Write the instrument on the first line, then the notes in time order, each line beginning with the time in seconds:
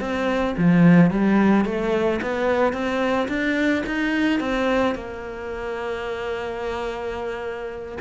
cello
0.00 C4
0.57 F3
1.10 G3
1.65 A3
2.21 B3
2.72 C4
3.28 D4
3.86 D#4
4.39 C4
4.95 A#3